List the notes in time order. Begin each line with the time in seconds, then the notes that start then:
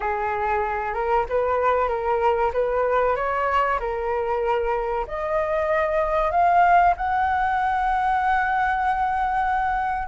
0.00 G#4
0.93 A#4
1.29 B4
1.88 A#4
2.53 B4
3.16 C#5
3.79 A#4
5.07 D#5
6.31 F5
6.96 F#5